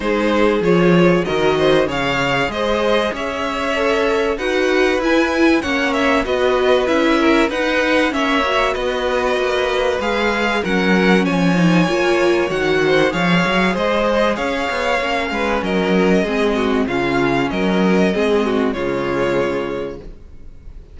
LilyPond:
<<
  \new Staff \with { instrumentName = "violin" } { \time 4/4 \tempo 4 = 96 c''4 cis''4 dis''4 f''4 | dis''4 e''2 fis''4 | gis''4 fis''8 e''8 dis''4 e''4 | fis''4 e''4 dis''2 |
f''4 fis''4 gis''2 | fis''4 f''4 dis''4 f''4~ | f''4 dis''2 f''4 | dis''2 cis''2 | }
  \new Staff \with { instrumentName = "violin" } { \time 4/4 gis'2 ais'8 c''8 cis''4 | c''4 cis''2 b'4~ | b'4 cis''4 b'4. ais'8 | b'4 cis''4 b'2~ |
b'4 ais'4 cis''2~ | cis''8 c''8 cis''4 c''4 cis''4~ | cis''8 b'8 ais'4 gis'8 fis'8 f'4 | ais'4 gis'8 fis'8 f'2 | }
  \new Staff \with { instrumentName = "viola" } { \time 4/4 dis'4 f'4 fis'4 gis'4~ | gis'2 a'4 fis'4 | e'4 cis'4 fis'4 e'4 | dis'4 cis'8 fis'2~ fis'8 |
gis'4 cis'4. dis'8 f'4 | fis'4 gis'2. | cis'2 c'4 cis'4~ | cis'4 c'4 gis2 | }
  \new Staff \with { instrumentName = "cello" } { \time 4/4 gis4 f4 dis4 cis4 | gis4 cis'2 dis'4 | e'4 ais4 b4 cis'4 | dis'4 ais4 b4 ais4 |
gis4 fis4 f4 ais4 | dis4 f8 fis8 gis4 cis'8 b8 | ais8 gis8 fis4 gis4 cis4 | fis4 gis4 cis2 | }
>>